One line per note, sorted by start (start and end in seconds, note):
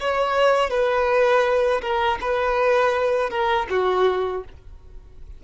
0.00 0.70 C#5
0.70 1.81 B4
1.81 2.19 A#4
2.21 3.30 B4
3.30 3.67 A#4
3.70 4.44 F#4